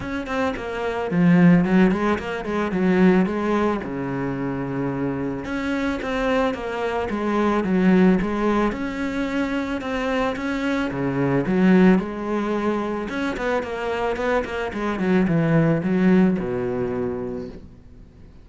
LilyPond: \new Staff \with { instrumentName = "cello" } { \time 4/4 \tempo 4 = 110 cis'8 c'8 ais4 f4 fis8 gis8 | ais8 gis8 fis4 gis4 cis4~ | cis2 cis'4 c'4 | ais4 gis4 fis4 gis4 |
cis'2 c'4 cis'4 | cis4 fis4 gis2 | cis'8 b8 ais4 b8 ais8 gis8 fis8 | e4 fis4 b,2 | }